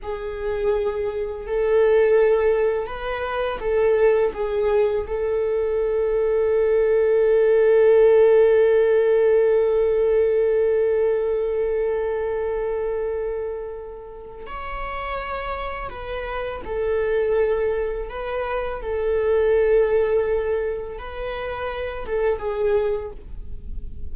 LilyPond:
\new Staff \with { instrumentName = "viola" } { \time 4/4 \tempo 4 = 83 gis'2 a'2 | b'4 a'4 gis'4 a'4~ | a'1~ | a'1~ |
a'1 | cis''2 b'4 a'4~ | a'4 b'4 a'2~ | a'4 b'4. a'8 gis'4 | }